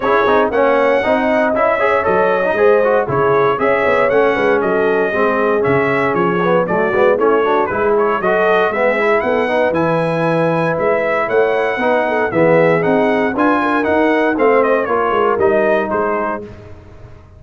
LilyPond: <<
  \new Staff \with { instrumentName = "trumpet" } { \time 4/4 \tempo 4 = 117 cis''4 fis''2 e''4 | dis''2 cis''4 e''4 | fis''4 dis''2 e''4 | cis''4 d''4 cis''4 b'8 cis''8 |
dis''4 e''4 fis''4 gis''4~ | gis''4 e''4 fis''2 | e''4 fis''4 gis''4 fis''4 | f''8 dis''8 cis''4 dis''4 c''4 | }
  \new Staff \with { instrumentName = "horn" } { \time 4/4 gis'4 cis''4 dis''4. cis''8~ | cis''4 c''4 gis'4 cis''4~ | cis''8 b'8 a'4 gis'2~ | gis'4 fis'4 e'8 fis'8 gis'4 |
a'4 gis'4 a'8 b'4.~ | b'2 cis''4 b'8 a'8 | gis'2 b'8 ais'4. | c''4 ais'2 gis'4 | }
  \new Staff \with { instrumentName = "trombone" } { \time 4/4 e'8 dis'8 cis'4 dis'4 e'8 gis'8 | a'8. dis'16 gis'8 fis'8 e'4 gis'4 | cis'2 c'4 cis'4~ | cis'8 b8 a8 b8 cis'8 d'8 e'4 |
fis'4 b8 e'4 dis'8 e'4~ | e'2. dis'4 | b4 dis'4 f'4 dis'4 | c'4 f'4 dis'2 | }
  \new Staff \with { instrumentName = "tuba" } { \time 4/4 cis'8 c'8 ais4 c'4 cis'4 | fis4 gis4 cis4 cis'8 b8 | a8 gis8 fis4 gis4 cis4 | f4 fis8 gis8 a4 gis4 |
fis4 gis4 b4 e4~ | e4 gis4 a4 b4 | e4 c'4 d'4 dis'4 | a4 ais8 gis8 g4 gis4 | }
>>